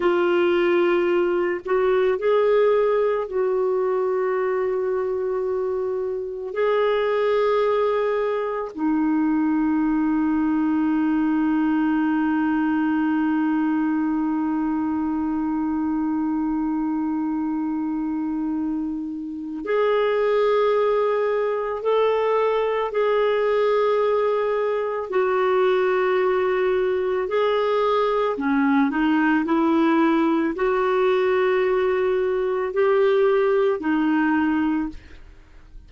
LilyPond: \new Staff \with { instrumentName = "clarinet" } { \time 4/4 \tempo 4 = 55 f'4. fis'8 gis'4 fis'4~ | fis'2 gis'2 | dis'1~ | dis'1~ |
dis'2 gis'2 | a'4 gis'2 fis'4~ | fis'4 gis'4 cis'8 dis'8 e'4 | fis'2 g'4 dis'4 | }